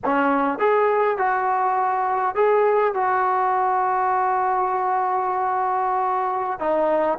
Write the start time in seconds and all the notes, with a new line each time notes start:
0.04 C#4
0.59 G#4
1.17 F#4
2.35 G#4
2.94 F#4
6.59 D#4